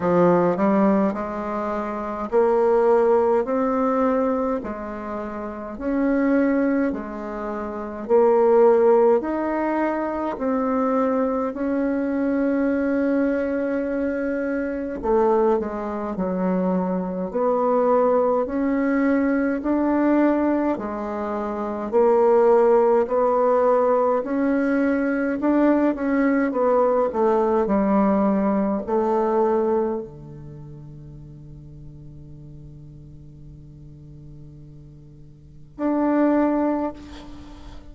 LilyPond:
\new Staff \with { instrumentName = "bassoon" } { \time 4/4 \tempo 4 = 52 f8 g8 gis4 ais4 c'4 | gis4 cis'4 gis4 ais4 | dis'4 c'4 cis'2~ | cis'4 a8 gis8 fis4 b4 |
cis'4 d'4 gis4 ais4 | b4 cis'4 d'8 cis'8 b8 a8 | g4 a4 d2~ | d2. d'4 | }